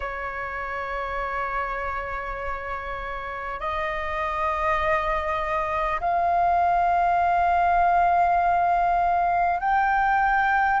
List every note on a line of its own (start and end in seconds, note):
0.00 3.59 C#5
3.60 6.00 D#5
6.00 9.60 F5
9.60 10.80 G5